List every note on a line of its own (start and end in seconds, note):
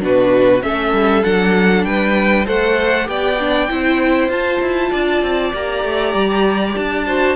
0.00 0.63 B2
0.00 0.61 D4
0.00 0.64 F#4
0.00 0.63 B4
0.62 0.93 A3
0.62 1.23 C#4
0.62 1.87 A4
0.62 1.24 E5
0.93 1.23 G3
1.24 1.85 F#3
1.24 2.46 D4
1.24 1.85 F#5
1.85 2.46 G3
1.85 2.46 B4
1.85 2.46 G5
2.46 3.08 A3
2.46 3.05 A4
2.46 3.07 C5
2.46 3.09 F#5
3.05 3.69 B3
3.05 3.36 G4
3.05 3.71 D5
3.05 4.31 G5
3.40 3.69 D4
3.69 4.28 C4
3.69 4.30 E4
3.69 4.91 C5
4.28 4.59 F4
4.28 5.53 F4
4.28 5.54 A5
4.61 4.92 E4
4.91 5.22 D4
4.91 7.05 D5
5.22 5.53 C4
5.53 5.84 A#3
5.53 7.06 G4
5.53 6.76 A#5
5.84 6.14 A3
6.14 6.75 G3
6.76 7.36 D4
6.76 7.36 A5
7.07 7.36 F#4
7.07 7.36 C5